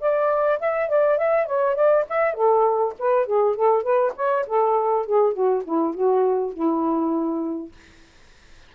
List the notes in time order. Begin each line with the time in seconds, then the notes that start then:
0.00 D5
0.60 E5
0.89 D5
1.18 E5
1.46 C#5
1.75 D5
2.09 E5
2.34 A4
2.99 B4
3.26 G#4
3.56 A4
3.83 B4
4.16 C#5
4.47 A4
5.06 G#4
5.33 F#4
5.65 E4
5.95 F#4
6.53 E4